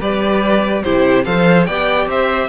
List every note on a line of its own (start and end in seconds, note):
0.00 0.84 G3
0.00 0.84 G4
0.00 0.83 B4
0.00 0.83 D5
0.83 1.26 C3
0.83 1.25 E4
0.83 1.25 G4
0.83 1.25 C5
1.25 1.68 F3
1.25 1.67 A4
1.25 1.67 C5
1.25 1.66 F5
1.66 2.07 B3
1.66 2.49 G4
1.66 2.09 D5
1.66 2.08 G5
2.07 2.48 C4
2.07 2.49 C5
2.07 2.49 E5